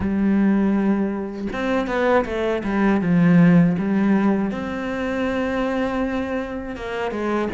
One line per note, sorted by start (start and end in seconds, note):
0.00 1.47 G3
1.52 1.87 C4
1.87 2.24 B3
2.25 2.62 A3
2.63 3.01 G3
3.01 3.76 F3
3.78 4.51 G3
4.51 6.76 C4
6.76 7.10 A#3
7.10 7.48 G#3